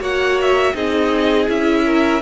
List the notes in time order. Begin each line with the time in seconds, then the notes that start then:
0.00 A#3 F#4 C#5 F#5
0.41 E5
0.74 C4 D#4 G#4 D#5
1.48 C#4 E4 E5
1.86 A#4